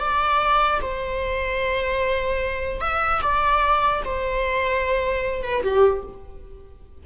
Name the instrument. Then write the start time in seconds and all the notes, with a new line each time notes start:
viola
0.00 D5
0.82 C5
2.81 E5
3.23 D5
4.05 C5
5.43 B4
5.63 G4